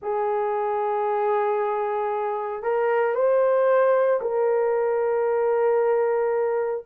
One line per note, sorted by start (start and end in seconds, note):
0.01 2.63 G#4
2.63 3.14 A#4
3.14 4.20 C5
4.21 6.84 A#4